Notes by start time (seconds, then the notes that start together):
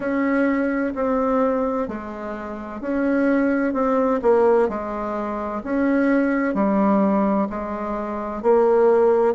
0.00 C#4
0.94 C4
1.87 G#3
2.80 C#4
3.73 C4
4.21 A#3
4.68 G#3
5.63 C#4
6.54 G3
7.49 G#3
8.42 A#3